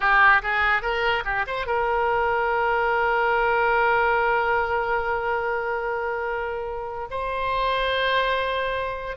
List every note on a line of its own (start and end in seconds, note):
0.00 0.41 G4
0.42 0.81 G#4
0.81 1.23 A#4
1.25 1.45 G4
1.46 1.66 C5
1.66 7.08 A#4
7.10 9.16 C5